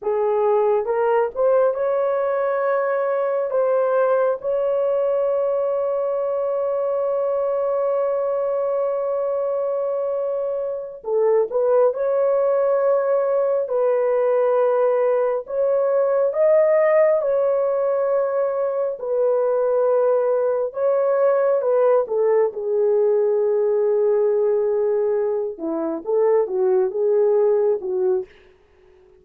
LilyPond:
\new Staff \with { instrumentName = "horn" } { \time 4/4 \tempo 4 = 68 gis'4 ais'8 c''8 cis''2 | c''4 cis''2.~ | cis''1~ | cis''8 a'8 b'8 cis''2 b'8~ |
b'4. cis''4 dis''4 cis''8~ | cis''4. b'2 cis''8~ | cis''8 b'8 a'8 gis'2~ gis'8~ | gis'4 e'8 a'8 fis'8 gis'4 fis'8 | }